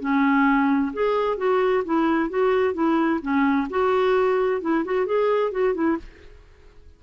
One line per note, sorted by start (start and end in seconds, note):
0.00 0.92 C#4
0.93 1.37 G#4
1.37 1.84 F#4
1.85 2.30 E4
2.30 2.74 F#4
2.74 3.20 E4
3.21 3.68 C#4
3.70 4.61 F#4
4.61 4.84 E4
4.85 5.06 F#4
5.06 5.52 G#4
5.52 5.74 F#4
5.74 5.97 E4